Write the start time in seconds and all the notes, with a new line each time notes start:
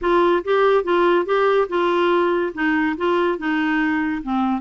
0.01 F4
0.44 G4
0.84 F4
1.25 G4
1.68 F4
2.54 D#4
2.97 F4
3.38 D#4
4.22 C4